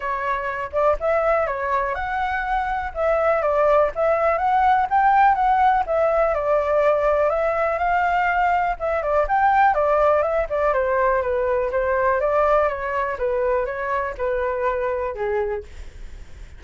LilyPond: \new Staff \with { instrumentName = "flute" } { \time 4/4 \tempo 4 = 123 cis''4. d''8 e''4 cis''4 | fis''2 e''4 d''4 | e''4 fis''4 g''4 fis''4 | e''4 d''2 e''4 |
f''2 e''8 d''8 g''4 | d''4 e''8 d''8 c''4 b'4 | c''4 d''4 cis''4 b'4 | cis''4 b'2 gis'4 | }